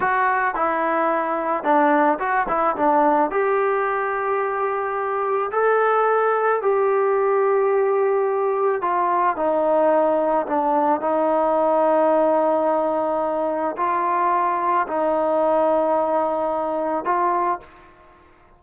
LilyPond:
\new Staff \with { instrumentName = "trombone" } { \time 4/4 \tempo 4 = 109 fis'4 e'2 d'4 | fis'8 e'8 d'4 g'2~ | g'2 a'2 | g'1 |
f'4 dis'2 d'4 | dis'1~ | dis'4 f'2 dis'4~ | dis'2. f'4 | }